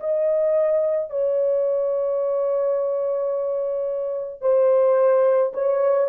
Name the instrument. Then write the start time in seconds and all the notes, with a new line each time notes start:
horn
0.00 D#5
1.11 C#5
4.41 C5
5.54 C#5